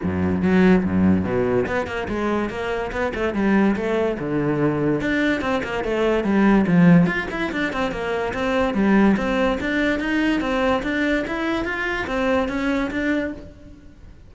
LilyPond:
\new Staff \with { instrumentName = "cello" } { \time 4/4 \tempo 4 = 144 fis,4 fis4 fis,4 b,4 | b8 ais8 gis4 ais4 b8 a8 | g4 a4 d2 | d'4 c'8 ais8 a4 g4 |
f4 f'8 e'8 d'8 c'8 ais4 | c'4 g4 c'4 d'4 | dis'4 c'4 d'4 e'4 | f'4 c'4 cis'4 d'4 | }